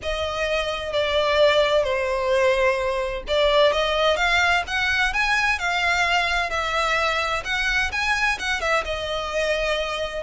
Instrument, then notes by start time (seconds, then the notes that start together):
violin
0.02 D#5
0.92 D5
1.83 C5
3.27 D5
3.72 D#5
4.16 F5
4.67 F#5
5.13 G#5
5.58 F5
6.50 E5
7.44 F#5
7.92 G#5
8.38 F#5
8.60 E5
8.84 D#5